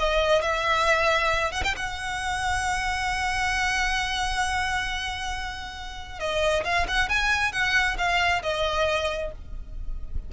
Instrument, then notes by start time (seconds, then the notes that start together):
violin
0.00 D#5
0.42 E5
1.52 F#5
1.64 G5
1.77 F#5
6.20 D#5
6.65 F5
6.88 F#5
7.09 G#5
7.53 F#5
7.98 F5
8.43 D#5